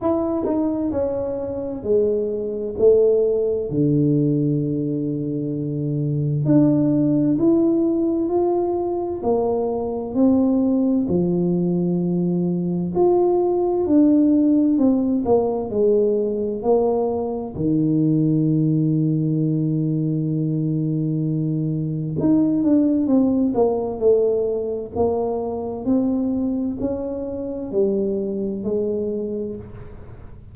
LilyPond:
\new Staff \with { instrumentName = "tuba" } { \time 4/4 \tempo 4 = 65 e'8 dis'8 cis'4 gis4 a4 | d2. d'4 | e'4 f'4 ais4 c'4 | f2 f'4 d'4 |
c'8 ais8 gis4 ais4 dis4~ | dis1 | dis'8 d'8 c'8 ais8 a4 ais4 | c'4 cis'4 g4 gis4 | }